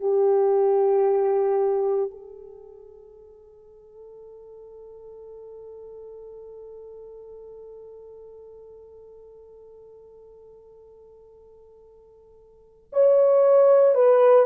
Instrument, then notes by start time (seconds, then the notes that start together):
horn
0.00 G4
2.11 A4
12.92 C#5
13.94 B4